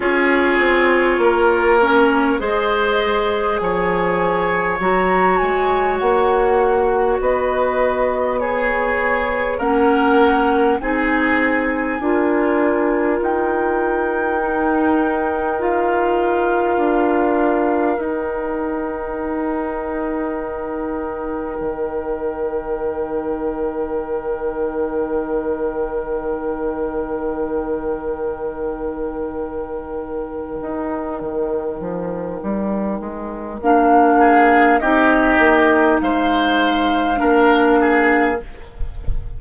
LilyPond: <<
  \new Staff \with { instrumentName = "flute" } { \time 4/4 \tempo 4 = 50 cis''2 dis''4 gis''4 | ais''8 gis''8 fis''4 dis''4 cis''4 | fis''4 gis''2 g''4~ | g''4 f''2 g''4~ |
g''1~ | g''1~ | g''1 | f''4 dis''4 f''2 | }
  \new Staff \with { instrumentName = "oboe" } { \time 4/4 gis'4 ais'4 c''4 cis''4~ | cis''2 b'4 gis'4 | ais'4 gis'4 ais'2~ | ais'1~ |
ais'1~ | ais'1~ | ais'1~ | ais'8 gis'8 g'4 c''4 ais'8 gis'8 | }
  \new Staff \with { instrumentName = "clarinet" } { \time 4/4 f'4. cis'8 gis'2 | fis'2. gis'4 | cis'4 dis'4 f'2 | dis'4 f'2 dis'4~ |
dis'1~ | dis'1~ | dis'1 | d'4 dis'2 d'4 | }
  \new Staff \with { instrumentName = "bassoon" } { \time 4/4 cis'8 c'8 ais4 gis4 f4 | fis8 gis8 ais4 b2 | ais4 c'4 d'4 dis'4~ | dis'2 d'4 dis'4~ |
dis'2 dis2~ | dis1~ | dis4. dis'8 dis8 f8 g8 gis8 | ais4 c'8 ais8 gis4 ais4 | }
>>